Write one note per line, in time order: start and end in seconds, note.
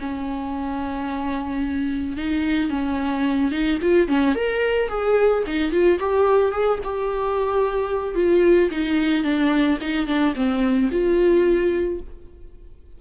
0.00 2.17 C#4
2.17 2.70 D#4
2.70 3.51 C#4
3.51 3.78 D#4
3.82 4.08 F4
4.08 4.35 C#4
4.35 4.89 A#4
4.89 5.43 G#4
5.46 5.71 D#4
5.71 5.99 F4
5.99 6.52 G4
6.52 6.79 G#4
6.84 8.15 G4
8.15 8.70 F4
8.71 9.24 D#4
9.24 9.78 D4
9.81 10.07 D#4
10.07 10.34 D4
10.35 10.90 C4
10.91 12.00 F4